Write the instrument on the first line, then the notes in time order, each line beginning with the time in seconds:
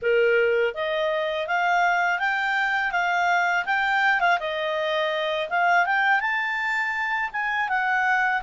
clarinet
0.02 A#4
0.74 D#5
1.47 F5
2.19 G5
2.91 F5
3.65 G5
4.20 F5
4.39 D#5
5.49 F5
5.85 G5
6.20 A5
7.32 G#5
7.68 F#5